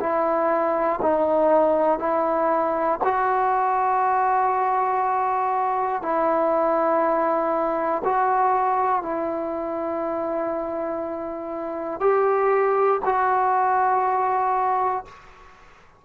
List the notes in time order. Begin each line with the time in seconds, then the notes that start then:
0.00 E4
1.02 D#4
1.99 E4
3.04 F#4
6.02 E4
8.04 F#4
9.02 E4
12.00 G4
13.05 F#4